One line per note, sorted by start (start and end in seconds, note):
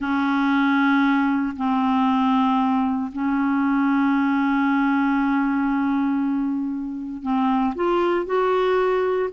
0.00 1.56 C#4
1.56 3.11 C4
3.12 7.22 C#4
7.22 7.74 C4
7.75 8.25 F4
8.25 9.29 F#4